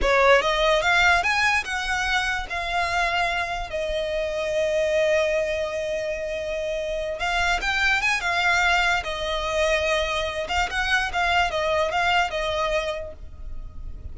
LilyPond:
\new Staff \with { instrumentName = "violin" } { \time 4/4 \tempo 4 = 146 cis''4 dis''4 f''4 gis''4 | fis''2 f''2~ | f''4 dis''2.~ | dis''1~ |
dis''4. f''4 g''4 gis''8 | f''2 dis''2~ | dis''4. f''8 fis''4 f''4 | dis''4 f''4 dis''2 | }